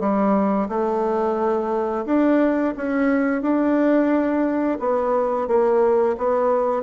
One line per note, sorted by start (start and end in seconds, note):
0.00 0.68 G3
0.69 2.05 A3
2.05 2.74 D4
2.76 3.42 C#4
3.42 4.78 D4
4.79 5.47 B3
5.47 6.15 A#3
6.17 6.82 B3